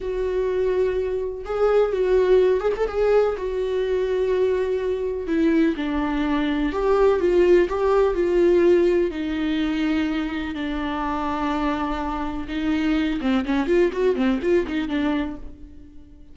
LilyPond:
\new Staff \with { instrumentName = "viola" } { \time 4/4 \tempo 4 = 125 fis'2. gis'4 | fis'4. gis'16 a'16 gis'4 fis'4~ | fis'2. e'4 | d'2 g'4 f'4 |
g'4 f'2 dis'4~ | dis'2 d'2~ | d'2 dis'4. c'8 | cis'8 f'8 fis'8 c'8 f'8 dis'8 d'4 | }